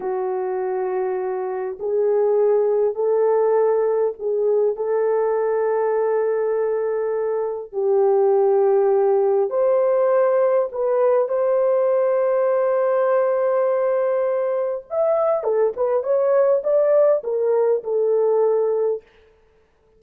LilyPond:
\new Staff \with { instrumentName = "horn" } { \time 4/4 \tempo 4 = 101 fis'2. gis'4~ | gis'4 a'2 gis'4 | a'1~ | a'4 g'2. |
c''2 b'4 c''4~ | c''1~ | c''4 e''4 a'8 b'8 cis''4 | d''4 ais'4 a'2 | }